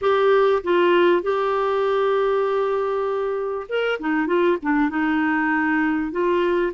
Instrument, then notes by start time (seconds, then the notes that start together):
clarinet
0.01 G4
0.63 F4
1.22 G4
3.68 A#4
3.99 D#4
4.26 F4
4.62 D4
4.89 D#4
6.11 F4